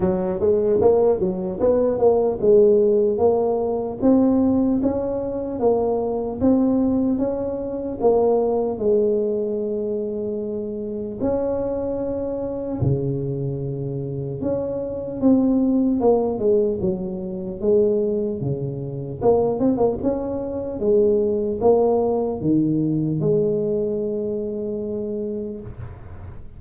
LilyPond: \new Staff \with { instrumentName = "tuba" } { \time 4/4 \tempo 4 = 75 fis8 gis8 ais8 fis8 b8 ais8 gis4 | ais4 c'4 cis'4 ais4 | c'4 cis'4 ais4 gis4~ | gis2 cis'2 |
cis2 cis'4 c'4 | ais8 gis8 fis4 gis4 cis4 | ais8 c'16 ais16 cis'4 gis4 ais4 | dis4 gis2. | }